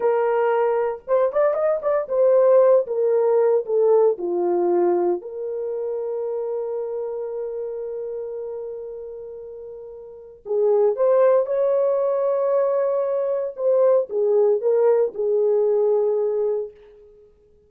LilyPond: \new Staff \with { instrumentName = "horn" } { \time 4/4 \tempo 4 = 115 ais'2 c''8 d''8 dis''8 d''8 | c''4. ais'4. a'4 | f'2 ais'2~ | ais'1~ |
ais'1 | gis'4 c''4 cis''2~ | cis''2 c''4 gis'4 | ais'4 gis'2. | }